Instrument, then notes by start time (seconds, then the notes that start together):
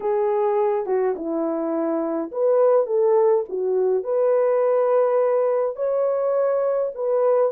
horn
0.00 G#4
0.86 F#4
1.15 E4
2.31 B4
2.86 A4
3.49 F#4
4.03 B4
5.76 C#5
6.94 B4